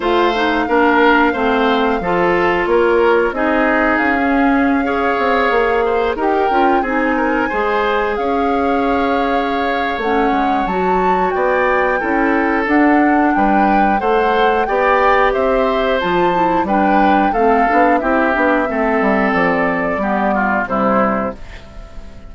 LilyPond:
<<
  \new Staff \with { instrumentName = "flute" } { \time 4/4 \tempo 4 = 90 f''1 | cis''4 dis''4 f''2~ | f''4~ f''16 g''4 gis''4.~ gis''16~ | gis''16 f''2~ f''8. fis''4 |
a''4 g''2 fis''4 | g''4 fis''4 g''4 e''4 | a''4 g''4 f''4 e''4~ | e''4 d''2 c''4 | }
  \new Staff \with { instrumentName = "oboe" } { \time 4/4 c''4 ais'4 c''4 a'4 | ais'4 gis'2~ gis'16 cis''8.~ | cis''8. c''8 ais'4 gis'8 ais'8 c''8.~ | c''16 cis''2.~ cis''8.~ |
cis''4 d''4 a'2 | b'4 c''4 d''4 c''4~ | c''4 b'4 a'4 g'4 | a'2 g'8 f'8 e'4 | }
  \new Staff \with { instrumentName = "clarinet" } { \time 4/4 f'8 dis'8 d'4 c'4 f'4~ | f'4 dis'4~ dis'16 cis'4 gis'8.~ | gis'4~ gis'16 g'8 f'8 dis'4 gis'8.~ | gis'2. cis'4 |
fis'2 e'4 d'4~ | d'4 a'4 g'2 | f'8 e'8 d'4 c'8 d'8 e'8 d'8 | c'2 b4 g4 | }
  \new Staff \with { instrumentName = "bassoon" } { \time 4/4 a4 ais4 a4 f4 | ais4 c'4 cis'4.~ cis'16 c'16~ | c'16 ais4 dis'8 cis'8 c'4 gis8.~ | gis16 cis'2~ cis'8. a8 gis8 |
fis4 b4 cis'4 d'4 | g4 a4 b4 c'4 | f4 g4 a8 b8 c'8 b8 | a8 g8 f4 g4 c4 | }
>>